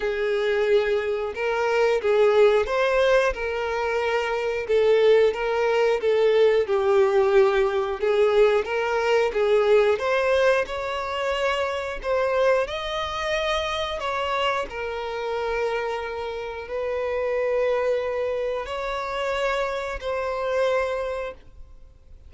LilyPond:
\new Staff \with { instrumentName = "violin" } { \time 4/4 \tempo 4 = 90 gis'2 ais'4 gis'4 | c''4 ais'2 a'4 | ais'4 a'4 g'2 | gis'4 ais'4 gis'4 c''4 |
cis''2 c''4 dis''4~ | dis''4 cis''4 ais'2~ | ais'4 b'2. | cis''2 c''2 | }